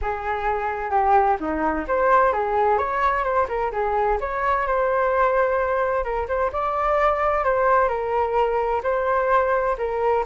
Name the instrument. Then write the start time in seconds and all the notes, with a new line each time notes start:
flute
0.01 G#4
0.90 G4
1.40 D#4
1.87 C5
2.32 G#4
2.78 C#5
3.23 C5
3.48 A#4
3.72 G#4
4.20 C#5
4.66 C5
6.04 A#4
6.27 C5
6.52 D5
7.44 C5
7.88 A#4
8.83 C5
9.78 A#4